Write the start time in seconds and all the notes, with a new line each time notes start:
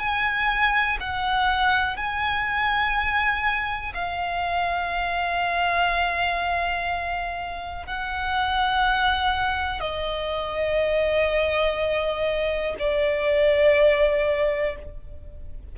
0.00 G#5
1.01 F#5
1.97 G#5
3.95 F5
7.87 F#5
9.80 D#5
12.80 D5